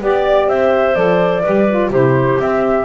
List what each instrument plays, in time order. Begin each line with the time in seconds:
0.00 double bass B3, saxophone G4, clarinet D5, flute D5
0.48 double bass C4, clarinet C5, flute E5
0.95 double bass F3, saxophone A4, flute D5
1.43 double bass G3, saxophone G4, clarinet B4
1.69 saxophone F4
1.91 double bass C3, saxophone E4, clarinet G4, flute C5
2.40 saxophone C4, double bass C4, flute E5